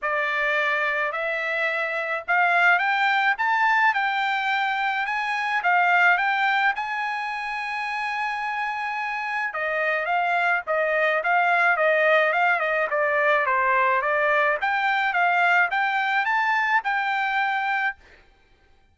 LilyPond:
\new Staff \with { instrumentName = "trumpet" } { \time 4/4 \tempo 4 = 107 d''2 e''2 | f''4 g''4 a''4 g''4~ | g''4 gis''4 f''4 g''4 | gis''1~ |
gis''4 dis''4 f''4 dis''4 | f''4 dis''4 f''8 dis''8 d''4 | c''4 d''4 g''4 f''4 | g''4 a''4 g''2 | }